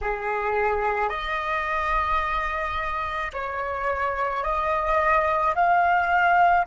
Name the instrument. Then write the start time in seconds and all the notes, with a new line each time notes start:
flute
0.01 G#4
1.09 D#5
3.33 C#5
4.43 D#5
5.55 F5